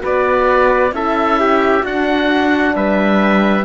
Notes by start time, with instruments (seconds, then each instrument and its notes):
0.00 cello B3, horn F#4, trumpet B4, oboe D5
0.92 cello C#4, horn E4, trumpet A4, oboe E5
1.41 trumpet G4
1.84 cello D4, horn D4, trumpet F#4, oboe F#5
2.75 cello G3, trumpet B4, oboe E5